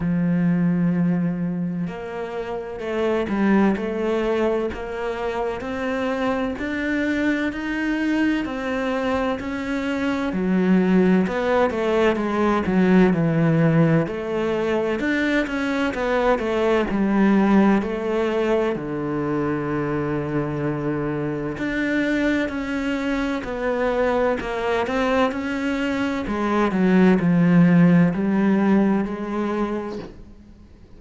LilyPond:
\new Staff \with { instrumentName = "cello" } { \time 4/4 \tempo 4 = 64 f2 ais4 a8 g8 | a4 ais4 c'4 d'4 | dis'4 c'4 cis'4 fis4 | b8 a8 gis8 fis8 e4 a4 |
d'8 cis'8 b8 a8 g4 a4 | d2. d'4 | cis'4 b4 ais8 c'8 cis'4 | gis8 fis8 f4 g4 gis4 | }